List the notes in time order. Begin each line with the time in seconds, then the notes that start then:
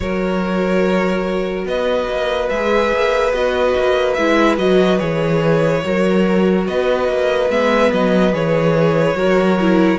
0.00 F#3 F#4 A#4 C#5
1.65 B3 B4 D#5
2.08 A#3
2.49 G#3 G#4 E5
2.93 A#3
3.32 B3 F#4 D#5
3.77 A#3
4.13 G#3 E4 E5
4.57 F#3 F#4 D#5
4.98 E3 G#4 C#5
5.83 F#3 F#4 A#4
6.67 B3 B4 D#5
7.08 A#3
7.49 G#3 B3 E5
7.92 F#3 D#5
8.32 E3 G#4 C#5
9.14 F#3 F#4 A#4
9.60 E4